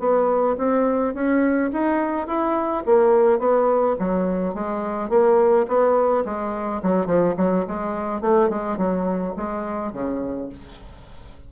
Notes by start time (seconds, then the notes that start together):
0.00 B3
0.58 C4
1.15 C#4
1.73 D#4
2.27 E4
2.86 A#3
3.40 B3
3.99 F#3
4.55 G#3
5.10 A#3
5.68 B3
6.25 G#3
6.83 F#3
7.07 F3
7.37 F#3
7.68 G#3
8.22 A3
8.50 G#3
8.78 F#3
9.37 G#3
9.93 C#3